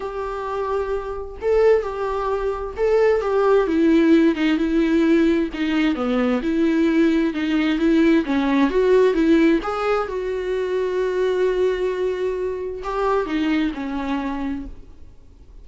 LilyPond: \new Staff \with { instrumentName = "viola" } { \time 4/4 \tempo 4 = 131 g'2. a'4 | g'2 a'4 g'4 | e'4. dis'8 e'2 | dis'4 b4 e'2 |
dis'4 e'4 cis'4 fis'4 | e'4 gis'4 fis'2~ | fis'1 | g'4 dis'4 cis'2 | }